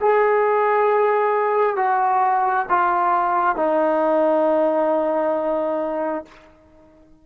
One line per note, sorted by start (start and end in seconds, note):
0.00 1.76 G#4
1.76 2.65 F#4
2.69 3.56 F4
3.56 6.24 D#4